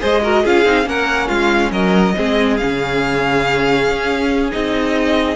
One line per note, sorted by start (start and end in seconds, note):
0.00 0.45 G#3
0.00 0.21 G#4
0.00 0.22 C5
0.00 0.46 D#5
0.23 0.44 F#4
0.23 0.43 A#4
0.43 0.65 C#4
0.43 0.65 F4
0.43 0.86 G#4
0.43 0.88 F5
0.65 0.86 C4
0.65 0.84 D#4
0.84 1.29 A#3
0.84 2.12 C#4
0.84 1.28 A#4
0.84 1.28 F#5
1.28 1.71 G#3
1.28 1.71 F4
1.28 1.71 F5
1.71 2.14 F#3
1.71 2.15 A#4
1.71 2.57 D#5
2.16 2.61 G#3
2.16 2.60 C4
2.16 5.36 G#4
2.57 3.88 C#3
2.57 4.51 C#4
2.57 4.50 F5
3.88 4.52 C#4
4.51 5.36 C4
4.51 5.36 D#4
4.51 5.36 D#5